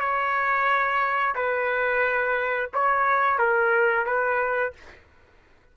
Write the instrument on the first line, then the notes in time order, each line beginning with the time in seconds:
trumpet
0.00 C#5
1.35 B4
2.74 C#5
3.39 A#4
4.06 B4